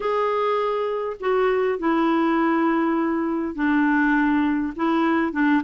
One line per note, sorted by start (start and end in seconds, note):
0.00 1.17 G#4
1.20 1.78 F#4
1.78 3.54 E4
3.54 4.73 D4
4.76 5.32 E4
5.32 5.61 D4